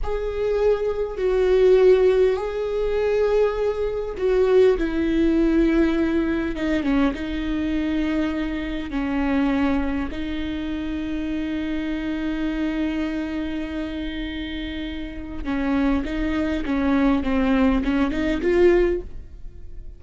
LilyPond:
\new Staff \with { instrumentName = "viola" } { \time 4/4 \tempo 4 = 101 gis'2 fis'2 | gis'2. fis'4 | e'2. dis'8 cis'8 | dis'2. cis'4~ |
cis'4 dis'2.~ | dis'1~ | dis'2 cis'4 dis'4 | cis'4 c'4 cis'8 dis'8 f'4 | }